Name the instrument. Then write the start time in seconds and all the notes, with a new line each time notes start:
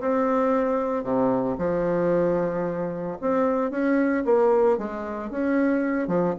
bassoon
0.00 C4
1.03 C3
1.58 F3
3.21 C4
3.70 C#4
4.25 A#3
4.78 G#3
5.30 C#4
6.07 F3